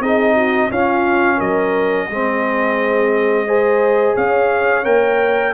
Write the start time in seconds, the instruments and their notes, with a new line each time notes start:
0.00 tuba C4, trombone D#4, horn G#4, trumpet D#5
0.34 horn F#4
0.71 tuba C#4, trombone C#4, horn F4, trumpet F5
1.37 tuba F#3, horn A#4, trumpet D#5
2.08 tuba G#3, trombone C4, horn G#4
3.46 trombone G#4, horn C5
4.15 tuba C#4, horn C#5, trumpet F5
4.84 tuba A#3, trombone A#4, trumpet G5